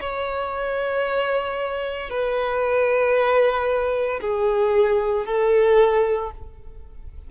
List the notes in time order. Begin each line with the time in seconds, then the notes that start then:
0.00 C#5
2.10 B4
4.21 G#4
5.26 A4